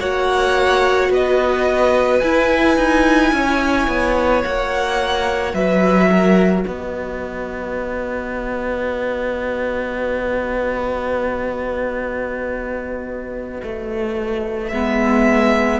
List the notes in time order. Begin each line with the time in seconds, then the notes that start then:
0.00 A#3 F#4 C#5 F#5
1.10 B3 B4 D#5
2.20 E4 G#5
2.77 D#4
3.33 C#4 C#5
3.88 B3
4.43 A#3 F#4 F#5
5.54 F#3 B4 E5
6.11 A#4
6.65 B3 B4 D#5
13.63 A3
14.68 G#3 B3 E5